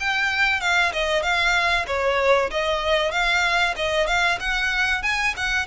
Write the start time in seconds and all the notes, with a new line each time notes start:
0.00 G5
0.61 F5
0.93 D#5
1.23 F5
1.87 C#5
2.51 D#5
3.12 F5
3.77 D#5
4.08 F5
4.40 F#5
5.03 G#5
5.37 F#5